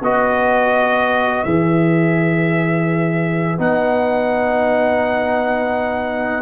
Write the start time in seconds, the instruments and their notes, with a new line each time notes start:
0.00 tuba B3, trombone F#4, horn B4, trumpet D#5
1.44 tuba E3, trombone G#4, trumpet E5
3.58 tuba B3, trombone D#4, trumpet F#5